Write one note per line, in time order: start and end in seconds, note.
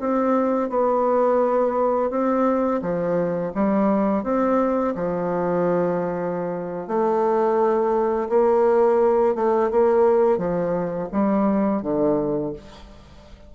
0.00 0.70 C4
0.70 2.10 B3
2.10 2.81 C4
2.82 3.52 F3
3.55 4.24 G3
4.24 4.94 C4
4.95 6.88 F3
6.88 8.29 A3
8.29 9.35 A#3
9.35 9.71 A3
9.71 10.38 A#3
10.38 11.09 F3
11.12 11.82 G3
11.82 12.53 D3